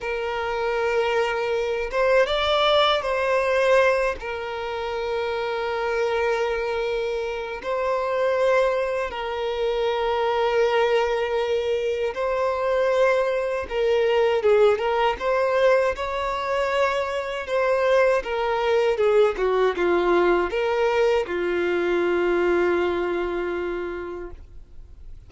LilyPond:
\new Staff \with { instrumentName = "violin" } { \time 4/4 \tempo 4 = 79 ais'2~ ais'8 c''8 d''4 | c''4. ais'2~ ais'8~ | ais'2 c''2 | ais'1 |
c''2 ais'4 gis'8 ais'8 | c''4 cis''2 c''4 | ais'4 gis'8 fis'8 f'4 ais'4 | f'1 | }